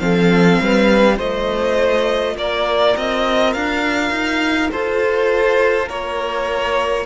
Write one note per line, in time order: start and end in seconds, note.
0.00 0.59 F3
0.00 1.16 C4
0.00 0.62 A4
0.00 1.18 F5
0.61 1.19 G3
0.61 1.17 B4
1.16 2.36 A3
1.16 7.05 F4
1.16 2.34 C5
1.16 2.37 D#5
2.36 2.95 A#3
2.36 4.72 A#4
2.36 2.97 D5
2.97 3.55 C4
2.97 3.53 D#5
3.53 4.11 D4
3.53 4.71 F5
4.11 4.70 D#4
4.71 5.90 F4
4.71 5.87 A4
4.71 5.89 C5
5.87 7.06 A#3
5.87 7.04 A#4
5.87 7.06 C#5